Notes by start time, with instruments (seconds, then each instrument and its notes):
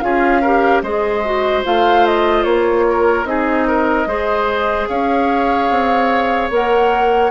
0.00 bassoon C#4, clarinet F4, oboe G#4, flute F5
0.42 clarinet G4, oboe A#4
0.82 bassoon G#3, clarinet G#4, oboe C5, flute D#5
1.25 clarinet F#4
1.64 bassoon A3, clarinet F4, flute F5
2.06 flute D#5
2.43 bassoon A#3, flute C#5
2.88 oboe A#4
3.24 bassoon C4, clarinet D#4, oboe G#4, flute D#5
3.67 oboe A#4
4.06 bassoon G#3, clarinet G#4, oboe C5
4.88 bassoon C#4, oboe C#5, flute F5
5.70 bassoon C4
6.50 bassoon A#3, clarinet A#4, flute F#5